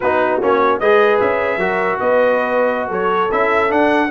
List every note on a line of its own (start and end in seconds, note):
0.00 0.41 B3
0.00 0.41 D#4
0.00 0.80 F#4
0.00 0.40 B4
0.41 0.80 A#3
0.41 0.81 C#4
0.41 0.79 C#5
0.79 1.20 G#3
0.79 1.59 G#4
0.79 1.58 B4
0.79 1.19 D#5
1.19 1.56 C#4
1.19 1.99 E5
1.56 1.96 F#3
1.56 3.29 F#4
1.56 1.98 A#4
1.99 2.91 B3
1.99 2.88 B4
1.99 2.89 D#5
2.88 3.31 F#3
2.88 4.08 A4
2.88 3.31 C#5
3.31 3.71 C#4
3.31 3.69 E4
3.31 3.71 E5
3.69 4.09 D4
3.69 4.10 D4
3.69 4.10 F#5